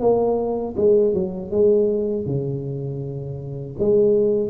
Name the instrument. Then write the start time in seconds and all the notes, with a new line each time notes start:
tuba
0.00 A#3
0.77 G#3
1.14 F#3
1.51 G#3
2.26 C#3
3.79 G#3